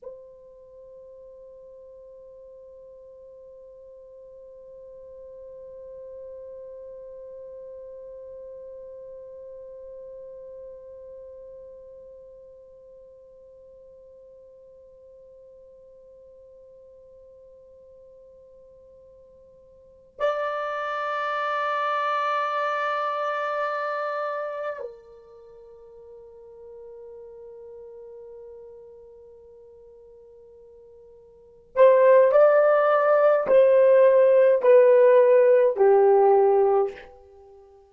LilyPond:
\new Staff \with { instrumentName = "horn" } { \time 4/4 \tempo 4 = 52 c''1~ | c''1~ | c''1~ | c''1~ |
c''4. d''2~ d''8~ | d''4. ais'2~ ais'8~ | ais'2.~ ais'8 c''8 | d''4 c''4 b'4 g'4 | }